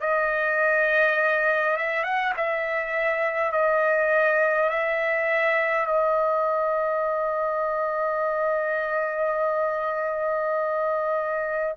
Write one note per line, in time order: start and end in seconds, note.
0.00 1.76 D#5
1.76 2.03 E5
2.03 2.33 F#5
2.36 3.52 E5
3.52 4.70 D#5
4.70 5.86 E5
5.86 11.74 D#5